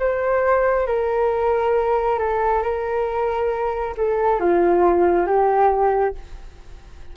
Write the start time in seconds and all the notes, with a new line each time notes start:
0.00 C5
0.87 A#4
2.19 A4
2.62 A#4
3.97 A4
4.40 F4
5.27 G4